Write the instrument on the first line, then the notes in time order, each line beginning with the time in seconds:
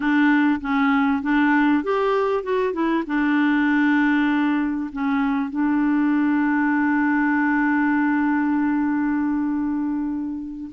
clarinet
0.00 D4
0.61 C#4
1.22 D4
1.83 G4
2.43 F#4
2.73 E4
3.06 D4
4.92 C#4
5.50 D4